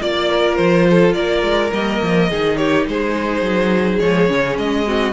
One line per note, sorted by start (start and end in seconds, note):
0.00 0.58 A#3
0.00 1.71 F4
0.00 0.30 D5
0.00 0.55 D5
0.30 0.87 A#4
0.55 1.15 F3
0.55 1.13 C5
0.90 1.15 A4
1.13 1.42 A#3
1.13 2.29 A#4
1.13 1.70 D5
1.42 1.71 G#3
1.72 2.01 G3
1.72 2.30 A#3
1.72 2.56 D#5
2.02 2.30 F3
2.29 2.87 D#3
2.29 4.00 D#4
2.29 2.58 G#4
2.56 2.87 G4
2.56 2.85 C#5
2.87 3.41 G#3
2.87 4.87 G#4
2.87 3.99 C5
3.41 3.98 F#3
3.99 4.29 F3
3.99 4.28 G#3
3.99 4.56 C#5
4.28 4.57 C#3
4.28 4.85 C#4
4.57 5.12 G#3
4.57 5.12 D#5
4.86 5.12 C4
4.86 5.12 F#4